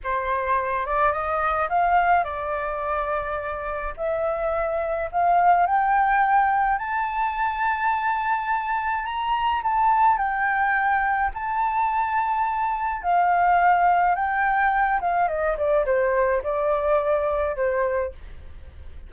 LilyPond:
\new Staff \with { instrumentName = "flute" } { \time 4/4 \tempo 4 = 106 c''4. d''8 dis''4 f''4 | d''2. e''4~ | e''4 f''4 g''2 | a''1 |
ais''4 a''4 g''2 | a''2. f''4~ | f''4 g''4. f''8 dis''8 d''8 | c''4 d''2 c''4 | }